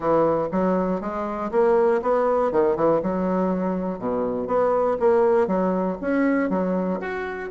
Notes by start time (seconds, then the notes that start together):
0.00 E3
0.51 F#3
1.00 G#3
1.51 A#3
2.02 B3
2.51 D#3
2.75 E3
3.02 F#3
3.98 B2
4.47 B3
4.99 A#3
5.47 F#3
6.01 C#4
6.49 F#3
7.00 F#4